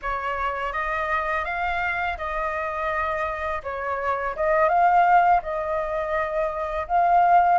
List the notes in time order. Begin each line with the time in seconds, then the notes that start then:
0.02 C#5
0.72 D#5
1.45 F5
2.17 D#5
3.63 C#5
4.35 D#5
4.68 F5
5.42 D#5
6.87 F5